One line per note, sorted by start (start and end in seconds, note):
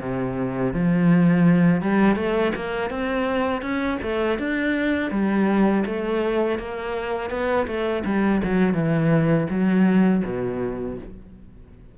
0.00 0.73 C3
0.74 1.82 F3
1.82 2.16 G3
2.16 2.52 A3
2.55 2.90 A#3
2.90 3.62 C4
3.62 3.98 C#4
4.02 4.38 A3
4.38 5.11 D4
5.11 5.84 G3
5.86 6.59 A3
6.59 7.30 A#3
7.30 7.67 B3
7.67 8.04 A3
8.05 8.42 G3
8.44 8.74 F#3
8.74 9.47 E3
9.50 10.23 F#3
10.25 10.98 B2